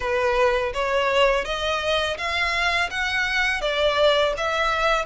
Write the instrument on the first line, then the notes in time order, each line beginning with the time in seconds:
violin
0.00 B4
0.73 C#5
1.45 D#5
2.17 F5
2.90 F#5
3.61 D5
4.37 E5